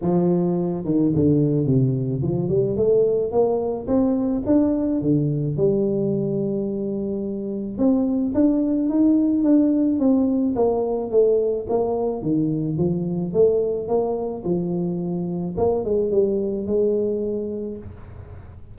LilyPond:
\new Staff \with { instrumentName = "tuba" } { \time 4/4 \tempo 4 = 108 f4. dis8 d4 c4 | f8 g8 a4 ais4 c'4 | d'4 d4 g2~ | g2 c'4 d'4 |
dis'4 d'4 c'4 ais4 | a4 ais4 dis4 f4 | a4 ais4 f2 | ais8 gis8 g4 gis2 | }